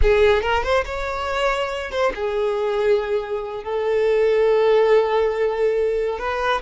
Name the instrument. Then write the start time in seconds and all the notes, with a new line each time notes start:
violin
0.01 G#4
0.42 A#4
0.63 C5
0.85 C#5
1.91 C5
2.14 G#4
3.63 A4
6.18 B4